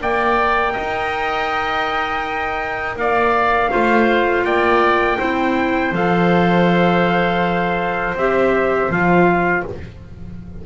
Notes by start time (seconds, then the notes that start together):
0.00 A#3 A#4 D5 G5
0.73 D#4 D#5
2.96 A#3 D5 F5
3.70 A3 F4 C5
4.44 A#3 D5 G5
5.18 C4 E4 C5
5.92 F3 A4 F5
8.15 C4 G4 E5
8.89 F3 F4 F5